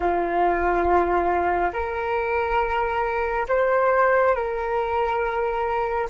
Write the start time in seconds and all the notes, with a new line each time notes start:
0.00 F4
1.73 A#4
3.48 C5
4.35 A#4